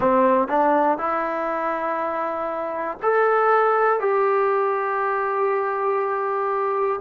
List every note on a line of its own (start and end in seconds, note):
0.00 0.47 C4
0.47 0.97 D4
0.98 2.98 E4
3.02 4.00 A4
4.00 7.00 G4